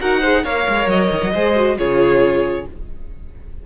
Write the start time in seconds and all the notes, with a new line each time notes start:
0.00 D#4 F#4 A#4 F#5
0.21 G#4 C5
0.43 A#3 A#4 C#5 F5
0.68 G#3
0.87 F#3 D#5
1.11 D#3
1.23 F#3
1.34 G#3 G#4 C5
1.55 F#4
1.78 C#3 F4 G#4 C#5